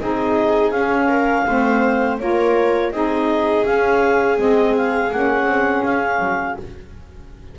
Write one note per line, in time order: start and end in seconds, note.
0.00 0.72 C4
0.00 0.74 D#4
0.00 1.08 G#4
0.00 0.71 D#5
0.71 1.45 C#4
0.71 1.47 C#4
0.71 2.18 F5
1.08 1.45 A#4
1.47 2.21 A3
1.47 2.20 C4
1.47 2.20 C5
2.20 2.92 A#3
2.20 2.92 F4
2.20 2.93 A#4
2.20 2.93 C#5
2.92 3.65 C4
2.92 3.64 D#4
2.92 6.59 G#4
2.92 3.66 D#5
3.64 4.37 C#4
3.64 4.38 C#4
3.64 4.39 F5
4.37 5.12 G#3
4.37 5.11 C4
4.37 4.76 D#5
4.77 5.12 F5
5.12 5.45 A#3
5.12 6.59 C#4
5.12 5.84 F#5
5.45 5.82 C4
5.84 6.20 C#4
5.84 6.57 F5
6.20 6.56 F#3